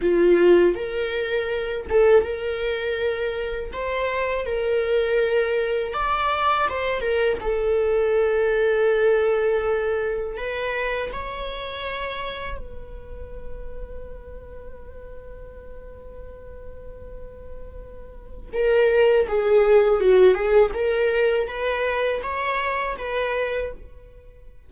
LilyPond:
\new Staff \with { instrumentName = "viola" } { \time 4/4 \tempo 4 = 81 f'4 ais'4. a'8 ais'4~ | ais'4 c''4 ais'2 | d''4 c''8 ais'8 a'2~ | a'2 b'4 cis''4~ |
cis''4 b'2.~ | b'1~ | b'4 ais'4 gis'4 fis'8 gis'8 | ais'4 b'4 cis''4 b'4 | }